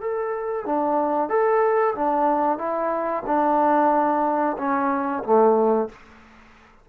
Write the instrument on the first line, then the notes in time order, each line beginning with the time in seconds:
trombone
0.00 A4
0.65 D4
1.29 A4
1.95 D4
2.58 E4
3.26 D4
4.58 C#4
5.23 A3